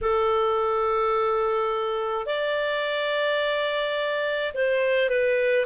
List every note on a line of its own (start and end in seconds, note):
0.01 2.26 A4
2.26 4.52 D5
4.54 5.09 C5
5.09 5.66 B4